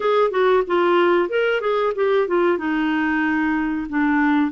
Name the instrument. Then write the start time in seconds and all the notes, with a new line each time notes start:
clarinet
0.00 G#4
0.30 F#4
0.66 F4
1.29 A#4
1.60 G#4
1.95 G4
2.27 F4
2.58 D#4
3.89 D4